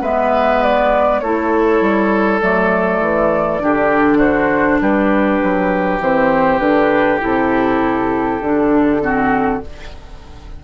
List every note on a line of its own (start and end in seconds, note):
0.00 1.21 G#3
0.00 1.23 B3
0.00 1.20 B4
0.00 0.63 E5
0.63 1.19 D5
1.19 1.80 A3
1.19 2.40 E4
1.19 3.62 A4
1.19 2.39 C#5
1.80 2.41 G3
2.40 3.00 F#3
2.40 3.59 A3
2.40 4.19 D5
3.00 3.60 E3
3.59 4.80 D3
3.59 5.99 D4
3.59 4.17 G4
4.17 4.78 F#4
4.17 4.79 C5
4.80 5.40 G3
4.80 9.02 G4
4.80 6.00 B4
5.42 5.99 F#3
5.99 6.58 E3
5.99 6.61 C4
5.99 6.58 C5
6.58 7.19 D3
6.58 7.20 D4
6.58 7.18 B4
7.20 8.40 C3
7.20 8.40 E4
7.20 9.63 A4
8.40 9.60 D3
8.40 9.01 D4
9.01 9.61 C4
9.01 9.62 F#4